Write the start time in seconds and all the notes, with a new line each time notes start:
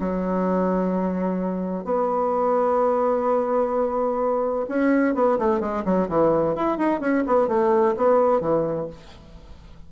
0.00 F#3
1.84 B3
4.69 C#4
5.15 B3
5.38 A3
5.60 G#3
5.85 F#3
6.09 E3
6.55 E4
6.78 D#4
7.00 C#4
7.26 B3
7.48 A3
7.97 B3
8.41 E3